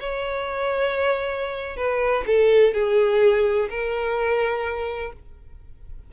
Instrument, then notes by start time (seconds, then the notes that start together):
violin
0.00 C#5
1.77 B4
2.27 A4
2.74 G#4
3.70 A#4